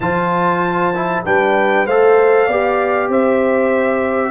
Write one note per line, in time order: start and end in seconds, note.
0.00 1.20 F3
0.00 0.94 F4
0.00 1.25 C5
0.00 1.23 A5
0.94 1.24 E4
1.24 1.86 G3
1.24 1.86 D4
1.24 1.86 B4
1.24 1.86 G5
1.86 2.48 A3
1.86 2.50 A4
1.86 2.46 C5
1.86 3.10 F5
2.46 3.08 B3
2.46 4.30 G4
2.46 3.08 D5
3.08 4.30 C4
3.08 4.30 C5
3.08 4.30 E5